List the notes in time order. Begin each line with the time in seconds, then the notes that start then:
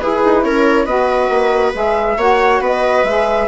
0.00 E4 G#4 B4
0.25 D#4
0.44 C#4 A#4 C#5
0.86 B3 F#4 B4 D#5
1.30 A#3
1.74 G#3 G#4 E5
2.17 A#3 F#4 C#5 F#5
2.61 B3 B4 D#5
3.04 G#3 G#4 E5